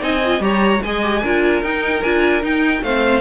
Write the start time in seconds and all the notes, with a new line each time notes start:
0.00 C4 D#4 D#5 G#5
0.25 F4
0.40 G3 G4 C#5 A#5
0.82 G#3 G#4 D#5 G#5
1.02 G4
1.22 D4 F4 A#4
1.62 D#4 G5
2.02 D4 F4 G#5
2.42 D#4 G5
2.82 A3 C4 C5 F5